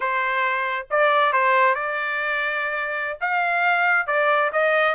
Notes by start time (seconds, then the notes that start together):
0.00 C5
0.90 D5
1.32 C5
1.74 D5
3.20 F5
4.06 D5
4.52 D#5